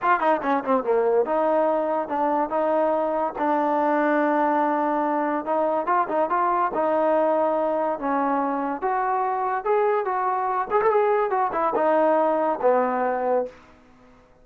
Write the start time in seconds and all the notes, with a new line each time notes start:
0.02 F4
0.20 D#4
0.42 C#4
0.64 C4
0.83 A#3
1.25 D#4
2.08 D4
2.49 D#4
3.38 D4
5.45 D#4
5.86 F4
6.08 D#4
6.29 F4
6.73 D#4
7.99 C#4
8.81 F#4
9.64 G#4
10.05 F#4
10.71 G#4
10.81 A4
10.90 G#4
11.30 F#4
11.52 E4
11.75 D#4
12.61 B3